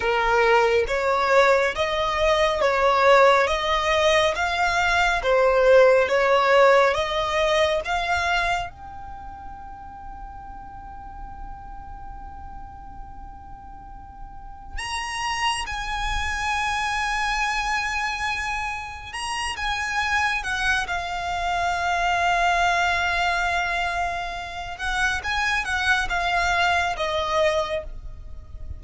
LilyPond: \new Staff \with { instrumentName = "violin" } { \time 4/4 \tempo 4 = 69 ais'4 cis''4 dis''4 cis''4 | dis''4 f''4 c''4 cis''4 | dis''4 f''4 g''2~ | g''1~ |
g''4 ais''4 gis''2~ | gis''2 ais''8 gis''4 fis''8 | f''1~ | f''8 fis''8 gis''8 fis''8 f''4 dis''4 | }